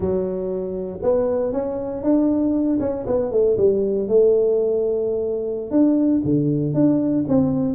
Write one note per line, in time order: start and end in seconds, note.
0.00 0.99 F#3
1.02 1.52 B3
1.52 2.03 C#4
2.03 2.79 D4
2.80 3.05 C#4
3.06 3.31 B3
3.31 3.56 A3
3.57 4.07 G3
4.07 5.71 A3
5.71 6.21 D4
6.24 6.73 D3
6.73 7.24 D4
7.28 7.74 C4